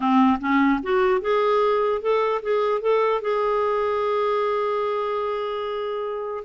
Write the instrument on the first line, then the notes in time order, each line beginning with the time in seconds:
clarinet
0.00 C4
0.40 C#4
0.82 F#4
1.21 G#4
2.01 A4
2.42 G#4
2.81 A4
3.21 G#4